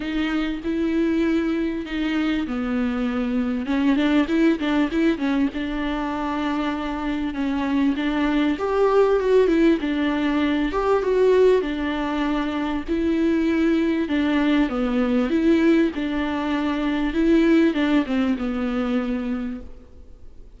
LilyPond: \new Staff \with { instrumentName = "viola" } { \time 4/4 \tempo 4 = 98 dis'4 e'2 dis'4 | b2 cis'8 d'8 e'8 d'8 | e'8 cis'8 d'2. | cis'4 d'4 g'4 fis'8 e'8 |
d'4. g'8 fis'4 d'4~ | d'4 e'2 d'4 | b4 e'4 d'2 | e'4 d'8 c'8 b2 | }